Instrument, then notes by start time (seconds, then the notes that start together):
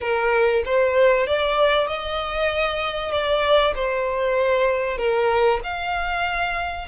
violin
0.00 A#4
0.65 C5
1.26 D5
1.88 D#5
3.11 D5
3.75 C5
4.97 A#4
5.63 F5